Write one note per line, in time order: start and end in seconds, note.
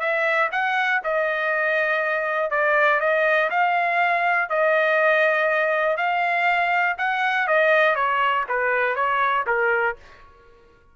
0.00 0.50 E5
0.52 1.01 F#5
1.04 2.51 D#5
2.51 3.00 D5
3.00 3.50 D#5
3.51 4.50 F5
4.50 5.98 D#5
5.98 6.97 F5
6.98 7.48 F#5
7.48 7.95 D#5
7.95 8.45 C#5
8.49 8.96 B4
8.96 9.45 C#5
9.47 9.96 A#4